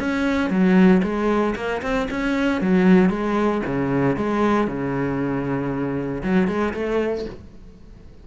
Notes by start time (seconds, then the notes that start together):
0.00 C#4
0.50 F#3
1.03 G#3
1.56 A#3
1.82 C4
2.11 C#4
2.61 F#3
3.10 G#3
3.66 C#3
4.17 G#3
4.67 C#3
6.23 F#3
6.48 G#3
6.74 A3